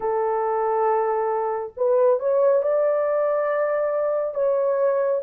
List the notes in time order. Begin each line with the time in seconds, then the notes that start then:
0.00 A4
1.76 B4
2.19 C#5
2.62 D5
4.34 C#5